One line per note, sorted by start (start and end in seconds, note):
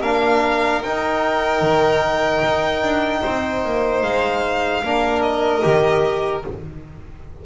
0.00 0.82 A#3
0.00 0.84 D4
0.00 3.20 A#4
0.00 0.82 F5
0.82 1.62 D#4
0.82 4.85 D#4
0.82 4.03 G5
1.62 2.42 D#3
2.44 2.83 D#4
2.83 3.23 D4
3.22 3.65 C4
3.22 4.82 C5
3.65 4.03 A#3
4.03 4.83 G#3
4.03 5.22 F5
4.83 5.63 A#3
4.83 5.62 D4
4.83 6.46 A#4
5.22 6.42 D#5
5.62 6.45 D#3
5.62 6.42 G4